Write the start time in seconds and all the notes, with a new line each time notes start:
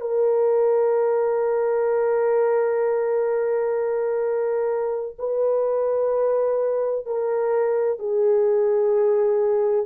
0.00 A#4
5.18 B4
7.05 A#4
7.99 G#4